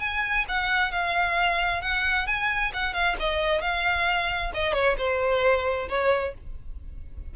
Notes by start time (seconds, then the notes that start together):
0.00 G#5
0.48 F#5
0.92 F5
1.82 F#5
2.27 G#5
2.74 F#5
2.94 F5
3.20 D#5
3.61 F5
4.54 D#5
4.73 C#5
4.98 C5
5.89 C#5